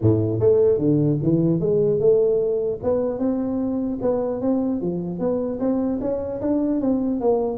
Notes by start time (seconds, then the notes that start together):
0.01 A2
0.39 A3
0.77 D3
1.22 E3
1.59 G#3
1.99 A3
2.83 B3
3.18 C4
4.01 B3
4.41 C4
4.81 F3
5.19 B3
5.59 C4
6.01 C#4
6.41 D4
6.81 C4
7.20 A#3